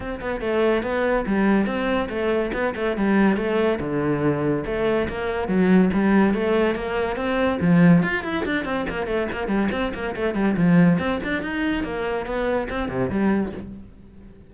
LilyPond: \new Staff \with { instrumentName = "cello" } { \time 4/4 \tempo 4 = 142 c'8 b8 a4 b4 g4 | c'4 a4 b8 a8 g4 | a4 d2 a4 | ais4 fis4 g4 a4 |
ais4 c'4 f4 f'8 e'8 | d'8 c'8 ais8 a8 ais8 g8 c'8 ais8 | a8 g8 f4 c'8 d'8 dis'4 | ais4 b4 c'8 c8 g4 | }